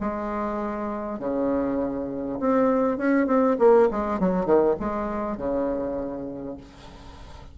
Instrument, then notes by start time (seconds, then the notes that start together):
bassoon
0.00 G#3
1.19 C#3
2.39 C4
2.97 C#4
3.26 C4
3.58 A#3
3.90 G#3
4.19 F#3
4.45 D#3
4.79 G#3
5.37 C#3